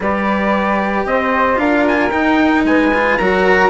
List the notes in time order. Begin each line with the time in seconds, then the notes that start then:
0.00 G3 G4 B4 D5
1.05 C4 C5 D#5
1.55 D4 F4 A#4 F5
1.87 G#5
2.11 D#4 G5
2.64 G#3 B4 G#5
2.93 F4
3.17 F#3 F#4 A#4 A#5